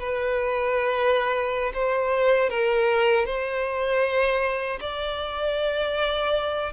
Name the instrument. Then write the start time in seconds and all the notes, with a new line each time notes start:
violin
0.00 B4
1.74 C5
2.50 A#4
3.26 C5
4.81 D5